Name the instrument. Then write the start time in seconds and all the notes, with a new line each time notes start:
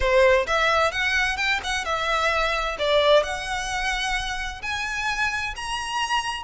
violin
0.00 C5
0.46 E5
0.91 F#5
1.36 G5
1.63 F#5
1.84 E5
2.78 D5
3.23 F#5
4.62 G#5
5.56 A#5